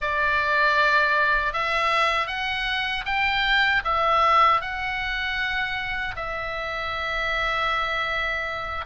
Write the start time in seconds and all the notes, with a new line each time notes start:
0.01 D5
1.53 E5
2.27 F#5
3.05 G5
3.84 E5
4.61 F#5
6.16 E5